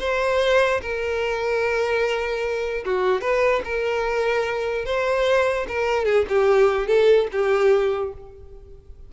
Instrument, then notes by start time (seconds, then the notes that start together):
violin
0.00 C5
0.82 A#4
2.85 F#4
3.22 B4
3.65 A#4
4.86 C5
5.68 A#4
6.06 G#4
6.29 G4
6.87 A4
7.32 G4